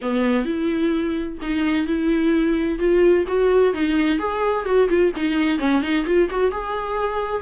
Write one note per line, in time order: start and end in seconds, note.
0.01 0.45 B3
0.45 1.38 E4
1.41 1.86 D#4
1.86 2.78 E4
2.78 3.25 F4
3.27 3.73 F#4
3.73 4.19 D#4
4.19 4.65 G#4
4.65 4.88 F#4
4.88 5.12 F4
5.15 5.58 D#4
5.58 5.82 C#4
5.82 6.05 D#4
6.05 6.29 F4
6.30 6.51 F#4
6.51 7.42 G#4